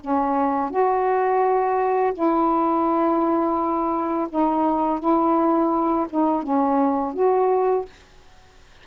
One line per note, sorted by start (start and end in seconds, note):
0.00 0.70 C#4
0.70 2.13 F#4
2.13 4.27 E4
4.29 4.99 D#4
4.99 6.06 E4
6.10 6.43 D#4
6.43 7.13 C#4
7.13 7.85 F#4